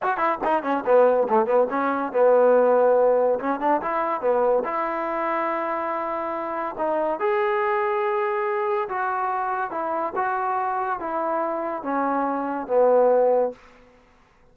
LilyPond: \new Staff \with { instrumentName = "trombone" } { \time 4/4 \tempo 4 = 142 fis'8 e'8 dis'8 cis'8 b4 a8 b8 | cis'4 b2. | cis'8 d'8 e'4 b4 e'4~ | e'1 |
dis'4 gis'2.~ | gis'4 fis'2 e'4 | fis'2 e'2 | cis'2 b2 | }